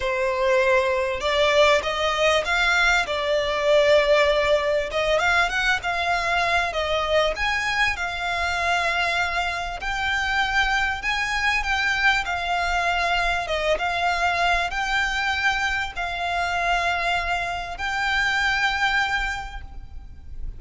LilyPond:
\new Staff \with { instrumentName = "violin" } { \time 4/4 \tempo 4 = 98 c''2 d''4 dis''4 | f''4 d''2. | dis''8 f''8 fis''8 f''4. dis''4 | gis''4 f''2. |
g''2 gis''4 g''4 | f''2 dis''8 f''4. | g''2 f''2~ | f''4 g''2. | }